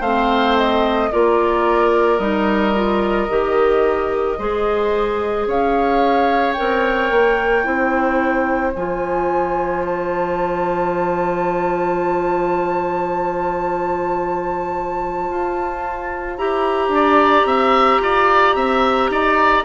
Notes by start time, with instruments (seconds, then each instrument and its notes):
0.00 bassoon A3, clarinet C4, oboe C5, flute F5
0.57 flute D#5
1.11 bassoon A#3, clarinet F4, oboe A#4, flute D5
2.18 bassoon G3, clarinet D#4, flute D#5
2.74 clarinet F4
3.29 bassoon D#3, clarinet G4
4.38 bassoon G#3, clarinet G#4, oboe C5
5.47 bassoon C#4, oboe C#5, flute F5
6.52 clarinet A#4, flute G5
6.59 bassoon C4
7.11 bassoon A#3
7.63 bassoon C4, clarinet E4, oboe C5
8.75 bassoon F3, clarinet F4, flute G#5
9.85 flute A5
15.30 bassoon F4
16.37 bassoon E4, clarinet G4, flute A#5
16.88 bassoon D4
16.94 oboe D5
17.44 bassoon C4, oboe E5
17.99 bassoon F4, oboe D5
18.55 bassoon C4, oboe E5
19.10 bassoon D#4, oboe D5